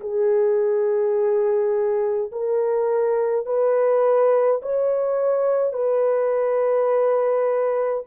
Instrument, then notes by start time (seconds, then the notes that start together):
horn
0.00 G#4
2.32 A#4
3.46 B4
4.62 C#5
5.73 B4